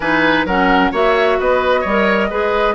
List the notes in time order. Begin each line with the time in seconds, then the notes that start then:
0.00 E3 D#4 B4 G#5
0.45 F#3 C#4 A#4 F#5
0.91 A#3 F#4 C#5 E5
1.39 B3 B4 D#5
1.80 G3 C#5
1.88 A#4
2.30 G#3 G#4 B4